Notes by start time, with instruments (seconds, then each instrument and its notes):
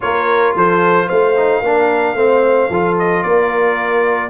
0.00 tuba A#3, trombone F4, horn A#4, trumpet C#5
0.55 tuba F3, horn A4, trumpet C5
1.06 tuba A3, horn C5, trumpet F5
1.36 trombone D#4
1.60 tuba A#3, trombone D4, horn A#4
2.15 tuba A3, trombone C4, horn C5
2.69 tuba F3, trombone F4, horn A4
2.98 trumpet D#5
3.23 tuba A#3, horn A#4, trumpet D5